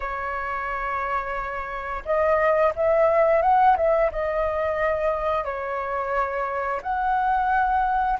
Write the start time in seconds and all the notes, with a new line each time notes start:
0.00 C#5
2.05 D#5
2.75 E5
3.42 F#5
3.76 E5
4.11 D#5
5.44 C#5
6.82 F#5